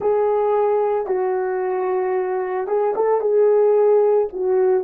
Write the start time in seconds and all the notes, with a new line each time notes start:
0.00 G#4
1.06 F#4
2.67 G#4
2.95 A4
3.20 G#4
4.32 F#4